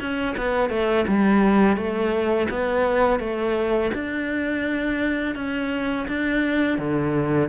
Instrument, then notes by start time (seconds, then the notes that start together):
cello
0.00 C#4
0.37 B3
0.69 A3
1.07 G3
1.77 A3
2.50 B3
3.19 A3
3.94 D4
5.35 C#4
6.08 D4
6.78 D3